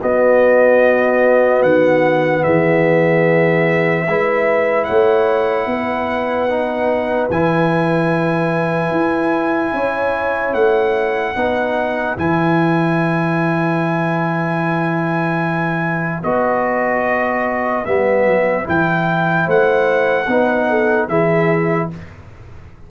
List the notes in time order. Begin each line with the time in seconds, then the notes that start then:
0.00 B3 F#4 D#5
1.63 D#3 F#5
2.44 E3 G#4 E5
4.07 G#3 E4 B4
4.85 A3 C#5 F#5
5.66 B3 B4
6.50 D#4
7.30 E3 E4 G#5
8.92 E4
9.73 C#4 C#5
10.54 A3 F#5
11.35 B3 D#4 B4
12.17 E3 E4 G#5
16.23 B3 F#4 D#5
17.85 G3 B3 E5
18.26 F#3
18.64 E3 E4 G5
19.46 A3 C5 F#5
20.28 B3 D#4 B4
20.70 A4
21.09 E3 E4 G#4 E5